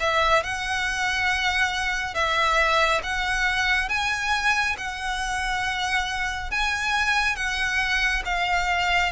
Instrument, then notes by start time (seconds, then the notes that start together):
violin
0.00 E5
0.43 F#5
2.14 E5
3.03 F#5
3.89 G#5
4.78 F#5
6.51 G#5
7.36 F#5
8.25 F5